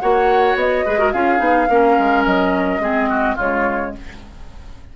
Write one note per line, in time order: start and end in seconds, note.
0.00 0.55 A#3
0.00 0.86 F#4
0.00 0.86 C#5
0.00 0.56 F#5
0.55 0.83 B3
0.55 1.13 D#5
0.86 1.14 G#3
0.86 0.99 G#4
0.86 0.99 B4
0.99 1.13 F#4
0.99 1.13 A#4
1.13 1.40 C#4
1.13 1.38 F4
1.13 1.69 G#4
1.13 2.25 F5
1.38 1.68 B3
1.38 1.66 D#4
1.69 1.97 A#3
1.69 2.81 C#4
1.69 2.82 A#4
1.99 2.26 G#3
2.25 2.79 F#3
2.25 3.37 D#5
2.79 3.35 G#3
2.79 3.37 C4
2.79 3.10 G#4
3.10 3.35 F#4
3.35 3.95 C#3
3.35 3.96 G#3
3.35 3.91 F4
3.35 3.95 C#5